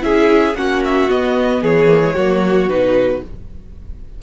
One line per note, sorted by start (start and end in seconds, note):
0.00 0.55 C#4
0.00 0.53 E4
0.00 0.57 G#4
0.00 0.56 E5
0.55 1.08 A#3
0.55 1.09 C#4
0.55 1.62 F#4
0.55 0.82 F#5
0.84 1.10 E5
1.09 1.88 B3
1.09 1.62 B3
1.09 1.63 D#5
1.62 2.15 E3
1.62 2.14 G#4
1.62 2.69 C#5
1.88 2.01 A#3
2.04 2.17 G#3
2.14 2.68 F#3
2.14 2.69 A#3
2.14 3.21 F#4
2.68 3.21 B2
2.68 3.22 D#4
2.68 3.22 B4